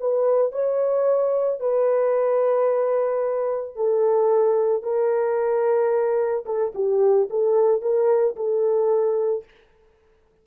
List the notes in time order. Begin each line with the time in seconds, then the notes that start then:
0.00 B4
0.52 C#5
1.60 B4
3.75 A4
4.83 A#4
6.45 A4
6.75 G4
7.30 A4
7.82 A#4
8.36 A4